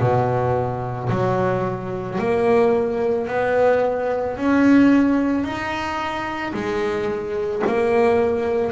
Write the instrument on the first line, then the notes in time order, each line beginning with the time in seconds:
double bass
0.00 B2
1.10 F#3
2.19 A#3
3.28 B3
4.37 C#4
5.44 D#4
6.54 G#3
7.67 A#3